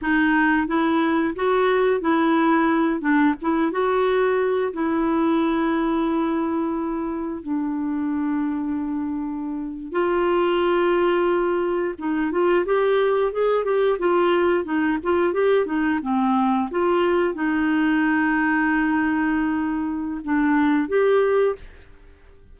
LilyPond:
\new Staff \with { instrumentName = "clarinet" } { \time 4/4 \tempo 4 = 89 dis'4 e'4 fis'4 e'4~ | e'8 d'8 e'8 fis'4. e'4~ | e'2. d'4~ | d'2~ d'8. f'4~ f'16~ |
f'4.~ f'16 dis'8 f'8 g'4 gis'16~ | gis'16 g'8 f'4 dis'8 f'8 g'8 dis'8 c'16~ | c'8. f'4 dis'2~ dis'16~ | dis'2 d'4 g'4 | }